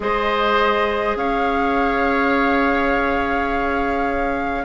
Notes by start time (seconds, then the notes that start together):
0.00 G#3 G#4 C5 D#5
1.15 C#4 C#5 F5